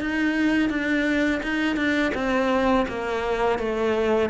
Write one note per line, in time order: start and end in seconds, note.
0.00 0.69 D#4
0.69 1.41 D4
1.43 1.76 D#4
1.76 2.12 D4
2.14 2.86 C4
2.88 3.58 A#3
3.58 4.29 A3